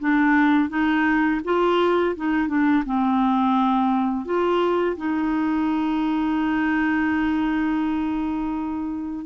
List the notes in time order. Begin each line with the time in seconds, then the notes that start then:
0.00 D4
0.70 D#4
1.45 F4
2.16 D#4
2.48 D4
2.86 C4
4.26 F4
4.97 D#4